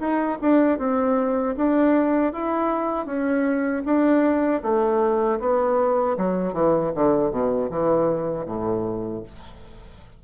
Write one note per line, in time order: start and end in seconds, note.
0.00 0.38 D#4
0.41 0.79 D4
0.79 1.56 C4
1.57 2.33 D4
2.33 3.06 E4
3.06 3.83 C#4
3.85 4.62 D4
4.63 5.40 A3
5.40 6.17 B3
6.17 6.53 F#3
6.53 6.92 E3
6.95 7.31 D3
7.31 7.70 B2
7.70 8.46 E3
8.46 9.23 A2